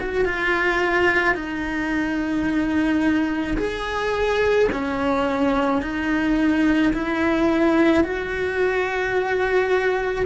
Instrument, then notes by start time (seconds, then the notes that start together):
cello
0.00 F#4
0.26 F4
1.35 D#4
3.58 G#4
4.72 C#4
5.82 D#4
6.93 E4
8.04 F#4